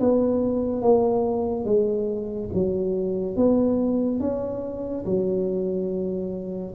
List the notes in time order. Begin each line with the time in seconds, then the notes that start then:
0.00 B3
0.82 A#3
1.66 G#3
2.54 F#3
3.37 B3
4.21 C#4
5.06 F#3